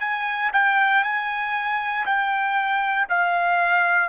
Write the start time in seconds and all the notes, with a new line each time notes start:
0.00 G#5
0.53 G5
1.04 G#5
2.05 G5
3.09 F5